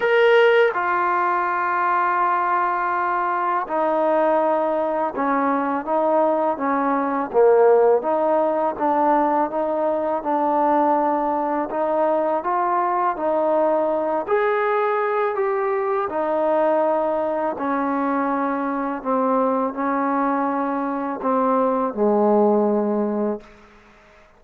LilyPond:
\new Staff \with { instrumentName = "trombone" } { \time 4/4 \tempo 4 = 82 ais'4 f'2.~ | f'4 dis'2 cis'4 | dis'4 cis'4 ais4 dis'4 | d'4 dis'4 d'2 |
dis'4 f'4 dis'4. gis'8~ | gis'4 g'4 dis'2 | cis'2 c'4 cis'4~ | cis'4 c'4 gis2 | }